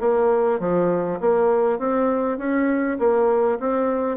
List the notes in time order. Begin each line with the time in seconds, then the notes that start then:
0.00 A#3
0.60 F3
1.21 A#3
1.79 C4
2.38 C#4
2.99 A#3
3.60 C4